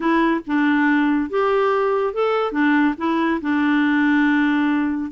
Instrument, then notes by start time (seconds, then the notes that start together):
clarinet
0.00 E4
0.46 D4
1.30 G4
2.13 A4
2.51 D4
2.97 E4
3.41 D4